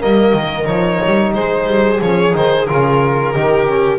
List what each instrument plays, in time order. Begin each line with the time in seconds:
0.00 double bass G3, trombone A#3, viola A#4, violin D#5
0.34 double bass D#3
0.65 double bass F3, trombone D#4, violin C#5
1.06 double bass G3
1.34 double bass G#3, viola G#4, violin C5
1.67 double bass G3
2.01 double bass F3, trombone C#4, violin C#5
2.33 double bass D#3, trombone D#4, violin C5
2.66 double bass C#3, trombone F4, violin A#4
3.34 double bass D#3, trombone D#4, viola G4
3.68 trombone C#4